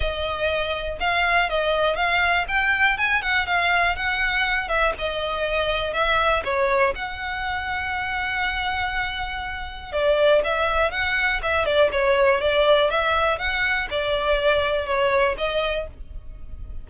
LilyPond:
\new Staff \with { instrumentName = "violin" } { \time 4/4 \tempo 4 = 121 dis''2 f''4 dis''4 | f''4 g''4 gis''8 fis''8 f''4 | fis''4. e''8 dis''2 | e''4 cis''4 fis''2~ |
fis''1 | d''4 e''4 fis''4 e''8 d''8 | cis''4 d''4 e''4 fis''4 | d''2 cis''4 dis''4 | }